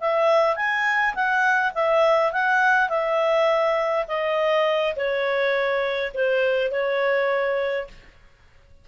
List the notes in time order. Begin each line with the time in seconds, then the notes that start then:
0.00 E5
0.56 G#5
1.15 F#5
1.74 E5
2.32 F#5
2.89 E5
4.08 D#5
4.96 C#5
6.14 C5
6.71 C#5